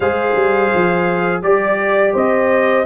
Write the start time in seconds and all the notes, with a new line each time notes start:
0.00 G#3 G#4 C5 F5
0.35 G3
0.74 F3
1.42 G3 G4 D5
2.13 C4 C5 D#5